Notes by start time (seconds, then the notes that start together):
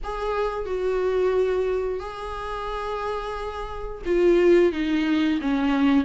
0.03 G#4
0.65 F#4
1.99 G#4
4.05 F4
4.72 D#4
5.41 C#4